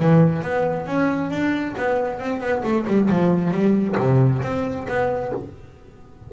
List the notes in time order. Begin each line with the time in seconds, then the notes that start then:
0.00 E3
0.42 B3
0.87 C#4
1.31 D4
1.78 B3
2.20 C4
2.41 B3
2.64 A3
2.87 G3
3.10 F3
3.52 G3
3.98 C3
4.43 C4
4.89 B3